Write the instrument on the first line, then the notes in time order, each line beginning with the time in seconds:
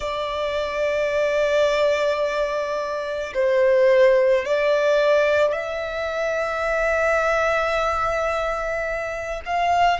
violin
0.00 D5
3.33 C5
4.44 D5
5.52 E5
9.45 F5